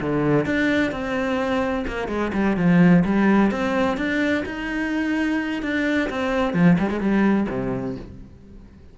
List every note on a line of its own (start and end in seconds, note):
0.00 0.45 D3
0.45 0.91 D4
0.91 1.85 C4
1.87 2.08 A#3
2.08 2.31 G#3
2.33 2.56 G3
2.56 3.03 F3
3.04 3.51 G3
3.51 3.97 C4
3.97 4.44 D4
4.45 5.62 D#4
5.62 6.09 D4
6.09 6.53 C4
6.53 6.77 F3
6.78 6.90 G3
6.90 7.00 G#3
7.00 7.47 G3
7.49 7.96 C3